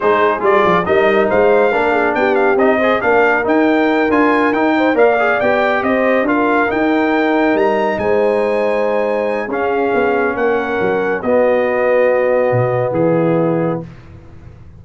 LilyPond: <<
  \new Staff \with { instrumentName = "trumpet" } { \time 4/4 \tempo 4 = 139 c''4 d''4 dis''4 f''4~ | f''4 g''8 f''8 dis''4 f''4 | g''4. gis''4 g''4 f''8~ | f''8 g''4 dis''4 f''4 g''8~ |
g''4. ais''4 gis''4.~ | gis''2 f''2 | fis''2 dis''2~ | dis''2 gis'2 | }
  \new Staff \with { instrumentName = "horn" } { \time 4/4 gis'2 ais'4 c''4 | ais'8 gis'8 g'4. c''8 ais'4~ | ais'2. c''8 d''8~ | d''4. c''4 ais'4.~ |
ais'2~ ais'8 c''4.~ | c''2 gis'2 | ais'2 fis'2~ | fis'2 e'2 | }
  \new Staff \with { instrumentName = "trombone" } { \time 4/4 dis'4 f'4 dis'2 | d'2 dis'8 gis'8 d'4 | dis'4. f'4 dis'4 ais'8 | gis'8 g'2 f'4 dis'8~ |
dis'1~ | dis'2 cis'2~ | cis'2 b2~ | b1 | }
  \new Staff \with { instrumentName = "tuba" } { \time 4/4 gis4 g8 f8 g4 gis4 | ais4 b4 c'4 ais4 | dis'4. d'4 dis'4 ais8~ | ais8 b4 c'4 d'4 dis'8~ |
dis'4. g4 gis4.~ | gis2 cis'4 b4 | ais4 fis4 b2~ | b4 b,4 e2 | }
>>